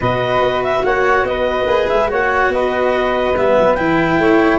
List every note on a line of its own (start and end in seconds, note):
0.00 0.41 B2
0.00 1.68 F#4
0.00 0.83 B4
0.00 0.63 D#5
0.41 0.83 B3
0.63 0.84 E5
0.84 1.23 A#3
0.84 1.27 C#5
0.84 1.25 F#5
1.23 1.65 B3
1.23 2.10 B4
1.23 1.88 D#5
1.66 1.87 A#3
1.66 2.08 G#4
1.88 2.11 G#3
1.88 2.09 E5
2.08 2.48 A#3
2.08 3.34 F#4
2.08 2.52 C#5
2.08 2.53 F#5
2.48 3.32 B3
2.48 4.20 B4
2.48 3.37 D#5
3.36 3.57 G3
3.36 3.77 B3
3.36 3.74 E5
3.58 3.78 F#3
3.74 4.18 E3
3.74 4.59 E4
3.74 4.58 G5
4.18 4.59 A3
4.18 4.59 C#5